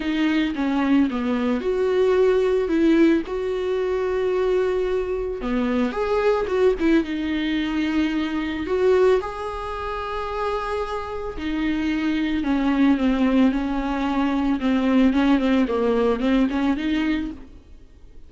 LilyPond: \new Staff \with { instrumentName = "viola" } { \time 4/4 \tempo 4 = 111 dis'4 cis'4 b4 fis'4~ | fis'4 e'4 fis'2~ | fis'2 b4 gis'4 | fis'8 e'8 dis'2. |
fis'4 gis'2.~ | gis'4 dis'2 cis'4 | c'4 cis'2 c'4 | cis'8 c'8 ais4 c'8 cis'8 dis'4 | }